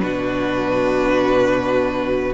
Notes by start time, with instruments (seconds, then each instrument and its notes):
0.00 cello B2, viola D4, violin F#4 B4